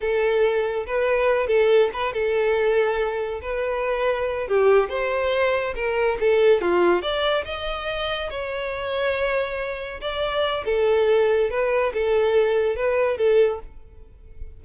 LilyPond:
\new Staff \with { instrumentName = "violin" } { \time 4/4 \tempo 4 = 141 a'2 b'4. a'8~ | a'8 b'8 a'2. | b'2~ b'8 g'4 c''8~ | c''4. ais'4 a'4 f'8~ |
f'8 d''4 dis''2 cis''8~ | cis''2.~ cis''8 d''8~ | d''4 a'2 b'4 | a'2 b'4 a'4 | }